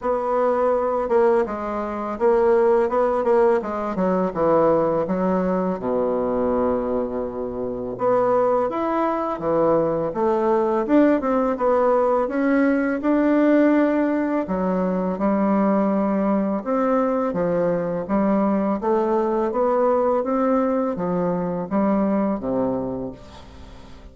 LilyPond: \new Staff \with { instrumentName = "bassoon" } { \time 4/4 \tempo 4 = 83 b4. ais8 gis4 ais4 | b8 ais8 gis8 fis8 e4 fis4 | b,2. b4 | e'4 e4 a4 d'8 c'8 |
b4 cis'4 d'2 | fis4 g2 c'4 | f4 g4 a4 b4 | c'4 f4 g4 c4 | }